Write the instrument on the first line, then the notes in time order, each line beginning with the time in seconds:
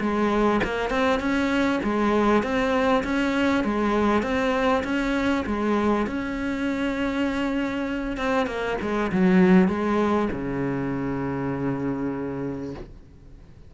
cello
0.00 G#3
0.64 A#3
0.90 C4
1.20 C#4
1.83 G#3
2.43 C4
3.04 C#4
3.64 G#3
4.23 C4
4.84 C#4
5.46 G#3
6.07 C#4
8.17 C4
8.47 A#3
8.81 G#3
9.12 F#3
9.68 G#3
10.32 C#3